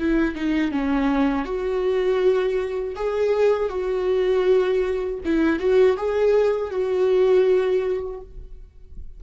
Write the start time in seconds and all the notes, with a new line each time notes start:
0.00 E4
0.35 D#4
0.72 C#4
1.46 F#4
2.96 G#4
3.70 F#4
5.25 E4
5.60 F#4
5.98 G#4
6.71 F#4